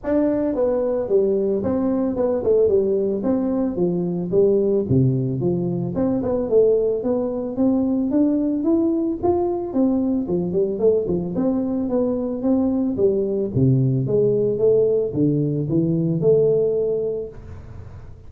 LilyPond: \new Staff \with { instrumentName = "tuba" } { \time 4/4 \tempo 4 = 111 d'4 b4 g4 c'4 | b8 a8 g4 c'4 f4 | g4 c4 f4 c'8 b8 | a4 b4 c'4 d'4 |
e'4 f'4 c'4 f8 g8 | a8 f8 c'4 b4 c'4 | g4 c4 gis4 a4 | d4 e4 a2 | }